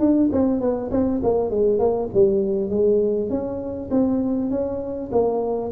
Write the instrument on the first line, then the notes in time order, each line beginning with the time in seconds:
tuba
0.00 D4
0.32 C4
0.61 B3
0.91 C4
1.23 A#3
1.50 G#3
1.79 A#3
2.14 G3
2.70 G#3
3.30 C#4
3.91 C4
4.51 C#4
5.12 A#3